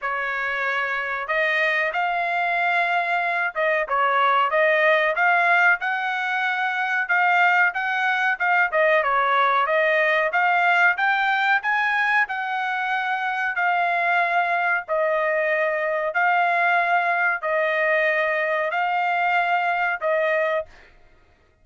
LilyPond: \new Staff \with { instrumentName = "trumpet" } { \time 4/4 \tempo 4 = 93 cis''2 dis''4 f''4~ | f''4. dis''8 cis''4 dis''4 | f''4 fis''2 f''4 | fis''4 f''8 dis''8 cis''4 dis''4 |
f''4 g''4 gis''4 fis''4~ | fis''4 f''2 dis''4~ | dis''4 f''2 dis''4~ | dis''4 f''2 dis''4 | }